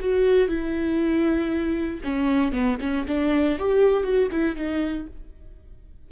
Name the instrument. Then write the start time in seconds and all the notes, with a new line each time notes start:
viola
0.00 F#4
0.48 E4
2.04 C#4
2.53 B3
2.81 C#4
3.08 D4
3.59 G4
4.03 F#4
4.32 E4
4.56 D#4